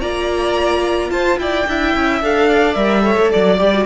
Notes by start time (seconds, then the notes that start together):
0.00 A#3 F4 D5 A#5
1.10 F4 C5 A5
1.37 E4 D5 G5
1.67 D4 E4 E5
1.94 C#4
2.22 D4 A4 F5
2.47 D5
2.74 G3 A#4 E5
3.01 A4 C#5
3.17 A3
3.31 F#3 D5
3.58 G3 G4
3.74 F#4